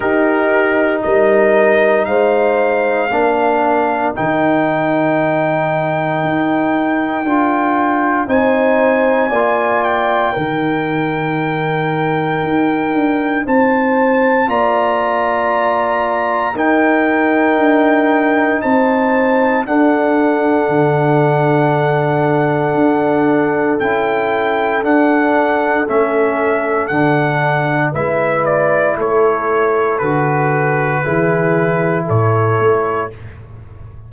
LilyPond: <<
  \new Staff \with { instrumentName = "trumpet" } { \time 4/4 \tempo 4 = 58 ais'4 dis''4 f''2 | g''1 | gis''4. g''2~ g''8~ | g''4 a''4 ais''2 |
g''2 a''4 fis''4~ | fis''2. g''4 | fis''4 e''4 fis''4 e''8 d''8 | cis''4 b'2 cis''4 | }
  \new Staff \with { instrumentName = "horn" } { \time 4/4 g'4 ais'4 c''4 ais'4~ | ais'1 | c''4 d''4 ais'2~ | ais'4 c''4 d''2 |
ais'2 c''4 a'4~ | a'1~ | a'2. b'4 | a'2 gis'4 a'4 | }
  \new Staff \with { instrumentName = "trombone" } { \time 4/4 dis'2. d'4 | dis'2. f'4 | dis'4 f'4 dis'2~ | dis'2 f'2 |
dis'2. d'4~ | d'2. e'4 | d'4 cis'4 d'4 e'4~ | e'4 fis'4 e'2 | }
  \new Staff \with { instrumentName = "tuba" } { \time 4/4 dis'4 g4 gis4 ais4 | dis2 dis'4 d'4 | c'4 ais4 dis2 | dis'8 d'8 c'4 ais2 |
dis'4 d'4 c'4 d'4 | d2 d'4 cis'4 | d'4 a4 d4 gis4 | a4 d4 e4 a,8 a8 | }
>>